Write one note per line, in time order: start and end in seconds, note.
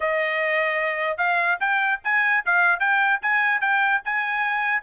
0.00 1.17 D#5
1.17 1.58 F5
1.60 2.00 G5
2.04 2.44 G#5
2.45 2.79 F5
2.79 3.19 G5
3.22 3.60 G#5
3.60 4.01 G5
4.05 4.82 G#5